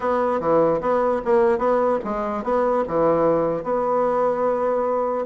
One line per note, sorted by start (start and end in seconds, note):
0.00 0.39 B3
0.39 0.80 E3
0.81 1.21 B3
1.24 1.58 A#3
1.58 1.98 B3
2.04 2.43 G#3
2.43 2.84 B3
2.87 3.63 E3
3.63 5.25 B3